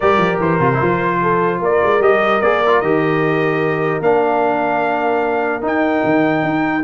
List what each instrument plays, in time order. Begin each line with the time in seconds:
0.00 tuba G3, trombone G4, horn A#4, trumpet D5
0.17 tuba F3
0.40 tuba E3, trumpet C5
0.59 tuba C3, trombone F4
0.73 trombone E4
0.81 tuba F3, trombone F4
1.22 horn A4
1.60 tuba A#3, horn A#4, trumpet D5
1.82 tuba G#3
2.00 tuba G3, trombone G4, trumpet D#5
2.41 tuba A#3, trombone G#4, trumpet D5
2.66 trombone F4
2.81 tuba D#3, trombone G4, trumpet D#5
4.00 tuba A#3, trombone D4, trumpet F5
5.61 trombone D#4, tuba D#4, trumpet G5
6.04 tuba D#3
6.43 tuba D#4